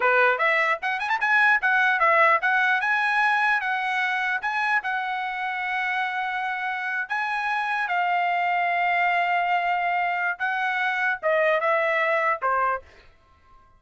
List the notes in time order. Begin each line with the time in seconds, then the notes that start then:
0.00 B4
0.38 E5
0.82 F#5
0.99 G#5
1.09 A5
1.20 G#5
1.61 F#5
1.99 E5
2.41 F#5
2.80 G#5
3.60 F#5
4.41 G#5
4.83 F#5
7.08 G#5
7.88 F5
10.38 F#5
11.22 D#5
11.60 E5
12.41 C5